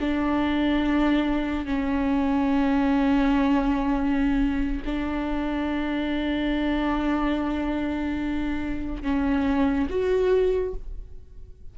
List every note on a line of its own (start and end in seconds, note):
0.00 1.66 D4
1.66 4.82 C#4
4.86 9.03 D4
9.03 9.88 C#4
9.90 10.74 F#4